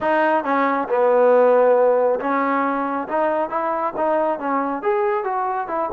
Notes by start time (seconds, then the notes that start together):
0.00 D#4
0.44 C#4
0.88 B3
2.20 C#4
3.08 D#4
3.49 E4
3.96 D#4
4.39 C#4
4.82 G#4
5.23 F#4
5.67 E4